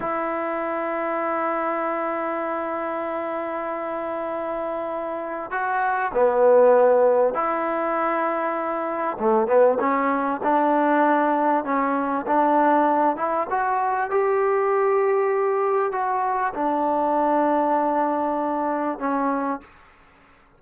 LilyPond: \new Staff \with { instrumentName = "trombone" } { \time 4/4 \tempo 4 = 98 e'1~ | e'1~ | e'4 fis'4 b2 | e'2. a8 b8 |
cis'4 d'2 cis'4 | d'4. e'8 fis'4 g'4~ | g'2 fis'4 d'4~ | d'2. cis'4 | }